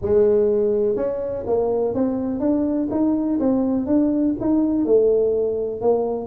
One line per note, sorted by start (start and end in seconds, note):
0.01 0.96 G#3
0.96 1.44 C#4
1.46 1.94 A#3
1.94 2.40 C4
2.40 2.88 D4
2.90 3.39 D#4
3.39 3.86 C4
3.86 4.34 D4
4.40 4.85 D#4
4.85 5.81 A3
5.81 6.26 A#3